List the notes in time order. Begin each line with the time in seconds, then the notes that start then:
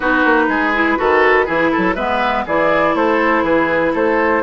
0.00 B3 D#4 F#4 B4
0.24 A#3
0.48 G#3 G#4
0.74 E4
0.97 D#3 F#4 A4
1.46 E3 E4 G#4
1.72 F#3 A4
1.95 G#3 B3 B4 E5
2.46 E3 E4 G#4 D5
2.94 A3 A4 C5
3.42 E3 G#4 B4
3.93 A3 A4 C5